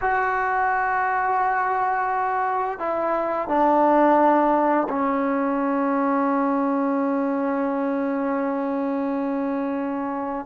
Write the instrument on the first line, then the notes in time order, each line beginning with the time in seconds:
trombone
0.01 F#4
2.78 E4
3.48 D4
4.89 C#4